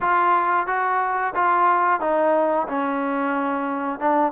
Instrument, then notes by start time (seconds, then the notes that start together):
trombone
0.00 F4
0.66 F#4
1.35 F4
2.00 D#4
2.68 C#4
3.99 D4